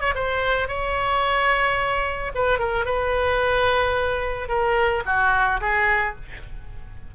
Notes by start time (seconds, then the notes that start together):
0.00 C#5
0.15 C5
0.68 C#5
2.35 B4
2.59 A#4
2.85 B4
4.48 A#4
5.06 F#4
5.61 G#4